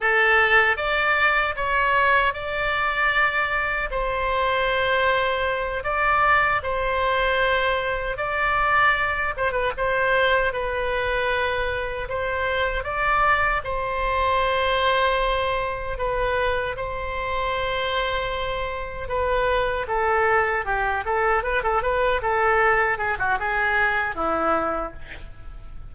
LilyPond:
\new Staff \with { instrumentName = "oboe" } { \time 4/4 \tempo 4 = 77 a'4 d''4 cis''4 d''4~ | d''4 c''2~ c''8 d''8~ | d''8 c''2 d''4. | c''16 b'16 c''4 b'2 c''8~ |
c''8 d''4 c''2~ c''8~ | c''8 b'4 c''2~ c''8~ | c''8 b'4 a'4 g'8 a'8 b'16 a'16 | b'8 a'4 gis'16 fis'16 gis'4 e'4 | }